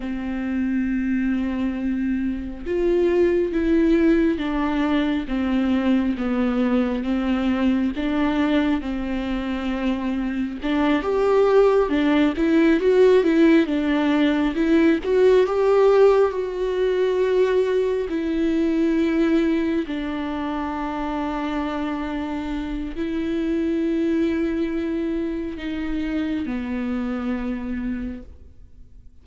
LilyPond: \new Staff \with { instrumentName = "viola" } { \time 4/4 \tempo 4 = 68 c'2. f'4 | e'4 d'4 c'4 b4 | c'4 d'4 c'2 | d'8 g'4 d'8 e'8 fis'8 e'8 d'8~ |
d'8 e'8 fis'8 g'4 fis'4.~ | fis'8 e'2 d'4.~ | d'2 e'2~ | e'4 dis'4 b2 | }